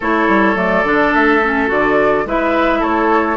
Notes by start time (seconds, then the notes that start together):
0.00 A3 E4 A4 C#5
0.28 G3
0.55 F#3 A3 D5
0.83 D3 D4
1.13 A3 E5
1.43 C#4
1.67 D3 F#4 D5
2.25 G#3 E4 B4 E5
2.79 A3 A4 C#5